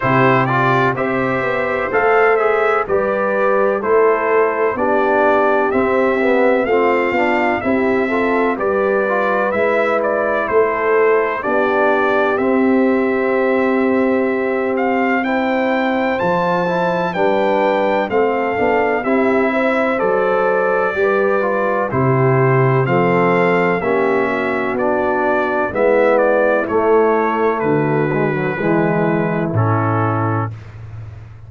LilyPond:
<<
  \new Staff \with { instrumentName = "trumpet" } { \time 4/4 \tempo 4 = 63 c''8 d''8 e''4 f''8 e''8 d''4 | c''4 d''4 e''4 f''4 | e''4 d''4 e''8 d''8 c''4 | d''4 e''2~ e''8 f''8 |
g''4 a''4 g''4 f''4 | e''4 d''2 c''4 | f''4 e''4 d''4 e''8 d''8 | cis''4 b'2 a'4 | }
  \new Staff \with { instrumentName = "horn" } { \time 4/4 g'4 c''2 b'4 | a'4 g'2 f'4 | g'8 a'8 b'2 a'4 | g'1 |
c''2 b'4 a'4 | g'8 c''4. b'4 g'4 | a'4 g'8 fis'4. e'4~ | e'4 fis'4 e'2 | }
  \new Staff \with { instrumentName = "trombone" } { \time 4/4 e'8 f'8 g'4 a'8 gis'8 g'4 | e'4 d'4 c'8 b8 c'8 d'8 | e'8 f'8 g'8 f'8 e'2 | d'4 c'2. |
e'4 f'8 e'8 d'4 c'8 d'8 | e'4 a'4 g'8 f'8 e'4 | c'4 cis'4 d'4 b4 | a4. gis16 fis16 gis4 cis'4 | }
  \new Staff \with { instrumentName = "tuba" } { \time 4/4 c4 c'8 b8 a4 g4 | a4 b4 c'4 a8 b8 | c'4 g4 gis4 a4 | b4 c'2.~ |
c'4 f4 g4 a8 b8 | c'4 fis4 g4 c4 | f4 ais4 b4 gis4 | a4 d4 e4 a,4 | }
>>